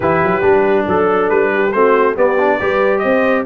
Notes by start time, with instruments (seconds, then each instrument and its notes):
0.00 tuba E3, trombone E4, horn G4, trumpet B4
0.23 tuba F#3
0.41 tuba G3, trombone D4
0.87 tuba F#3, horn A4, trumpet A4
1.29 tuba G3, trumpet B4
1.54 horn G4
1.72 tuba A3, trombone C4, horn F#4, trumpet C5
2.15 trombone B3, tuba B3, horn G4, trumpet D5
2.38 trombone D4
2.58 tuba G3, trombone G4, horn B4
2.98 tuba C4, horn C5, trumpet D#5